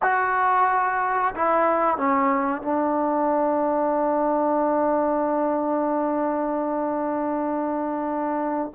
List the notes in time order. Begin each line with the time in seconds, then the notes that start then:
0.02 F#4
1.35 E4
1.97 C#4
2.61 D4